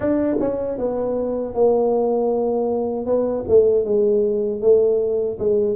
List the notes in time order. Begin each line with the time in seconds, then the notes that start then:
0.00 D4
0.40 C#4
0.77 B3
1.54 A#3
3.06 B3
3.48 A3
3.84 G#3
4.61 A3
5.39 G#3